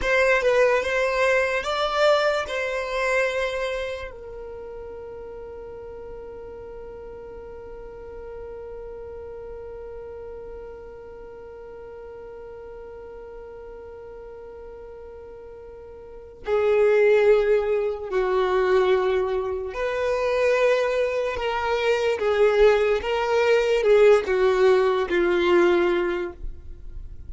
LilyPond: \new Staff \with { instrumentName = "violin" } { \time 4/4 \tempo 4 = 73 c''8 b'8 c''4 d''4 c''4~ | c''4 ais'2.~ | ais'1~ | ais'1~ |
ais'1 | gis'2 fis'2 | b'2 ais'4 gis'4 | ais'4 gis'8 fis'4 f'4. | }